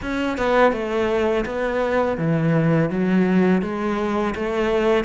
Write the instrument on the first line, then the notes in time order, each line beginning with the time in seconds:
cello
0.02 C#4
0.37 B3
0.72 A3
1.45 B3
2.17 E3
2.90 F#3
3.61 G#3
4.35 A3